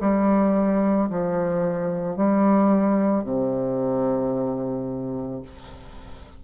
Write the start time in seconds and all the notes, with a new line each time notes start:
0.00 G3
1.10 F3
2.16 G3
3.23 C3